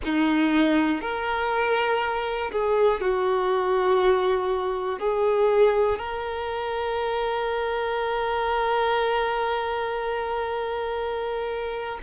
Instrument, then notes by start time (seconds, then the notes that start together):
violin
0.04 D#4
1.01 A#4
2.51 G#4
3.00 F#4
4.99 G#4
5.98 A#4